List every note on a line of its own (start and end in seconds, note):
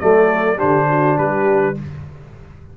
0.00 0.61 F#3
0.00 0.57 A3
0.00 0.57 A4
0.00 0.59 D5
0.57 1.18 D3
0.57 1.75 D4
0.57 0.86 G4
0.57 1.18 C5
0.89 1.19 F#4
1.18 1.77 G3
1.18 1.78 G4
1.18 1.77 B4